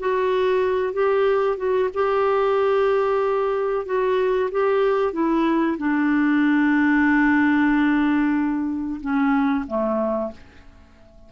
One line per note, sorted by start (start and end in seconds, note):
0.00 0.94 F#4
0.94 1.57 G4
1.57 1.90 F#4
1.94 3.86 G4
3.86 4.50 F#4
4.52 5.13 G4
5.13 5.78 E4
5.78 9.01 D4
9.01 9.66 C#4
9.68 10.32 A3